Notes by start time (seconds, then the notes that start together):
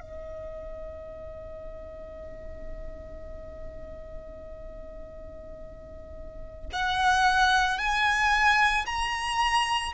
0.00 D#5
6.73 F#5
7.78 G#5
8.85 A#5